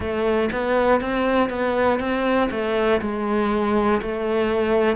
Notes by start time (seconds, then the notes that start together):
0.00 A3
0.51 B3
1.00 C4
1.49 B3
2.00 C4
2.50 A3
3.00 G#3
4.01 A3